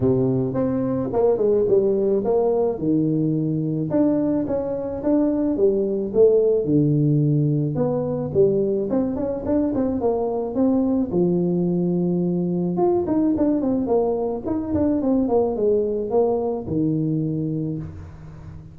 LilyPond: \new Staff \with { instrumentName = "tuba" } { \time 4/4 \tempo 4 = 108 c4 c'4 ais8 gis8 g4 | ais4 dis2 d'4 | cis'4 d'4 g4 a4 | d2 b4 g4 |
c'8 cis'8 d'8 c'8 ais4 c'4 | f2. f'8 dis'8 | d'8 c'8 ais4 dis'8 d'8 c'8 ais8 | gis4 ais4 dis2 | }